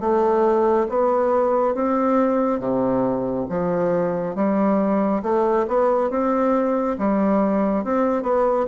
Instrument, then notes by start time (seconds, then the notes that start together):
bassoon
0.00 A3
0.89 B3
1.74 C4
2.59 C3
3.49 F3
4.35 G3
5.23 A3
5.68 B3
6.10 C4
6.98 G3
7.84 C4
8.23 B3